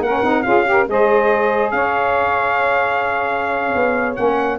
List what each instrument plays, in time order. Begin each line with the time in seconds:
0.00 tuba A#3, saxophone C#4 A#4, trumpet F#5
0.23 tuba C4, saxophone D#4
0.43 tuba C#4, saxophone F4 G#4, trumpet F5
0.65 saxophone G4 A#4
0.88 tuba G#3, saxophone G#4 C5, trumpet D#5
1.71 tuba C#4, saxophone C#5, trumpet F5
3.75 tuba B3
4.15 tuba A#3, saxophone C#4, trumpet F#5